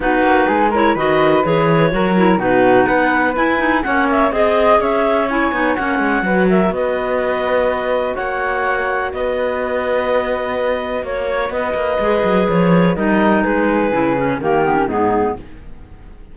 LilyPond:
<<
  \new Staff \with { instrumentName = "clarinet" } { \time 4/4 \tempo 4 = 125 b'4. cis''8 dis''4 cis''4~ | cis''4 b'4 fis''4 gis''4 | fis''8 e''8 dis''4 e''4 gis''4 | fis''4. e''8 dis''2~ |
dis''4 fis''2 dis''4~ | dis''2. cis''4 | dis''2 cis''4 dis''4 | b'2 ais'4 gis'4 | }
  \new Staff \with { instrumentName = "flute" } { \time 4/4 fis'4 gis'8 ais'8 b'2 | ais'4 fis'4 b'2 | cis''4 dis''4 cis''2~ | cis''4 b'8 ais'8 b'2~ |
b'4 cis''2 b'4~ | b'2. cis''4 | b'2. ais'4 | gis'2 g'4 dis'4 | }
  \new Staff \with { instrumentName = "clarinet" } { \time 4/4 dis'4. e'8 fis'4 gis'4 | fis'8 e'8 dis'2 e'8 dis'8 | cis'4 gis'2 e'8 dis'8 | cis'4 fis'2.~ |
fis'1~ | fis'1~ | fis'4 gis'2 dis'4~ | dis'4 e'8 cis'8 ais8 b16 cis'16 b4 | }
  \new Staff \with { instrumentName = "cello" } { \time 4/4 b8 ais8 gis4 dis4 e4 | fis4 b,4 b4 e'4 | ais4 c'4 cis'4. b8 | ais8 gis8 fis4 b2~ |
b4 ais2 b4~ | b2. ais4 | b8 ais8 gis8 fis8 f4 g4 | gis4 cis4 dis4 gis,4 | }
>>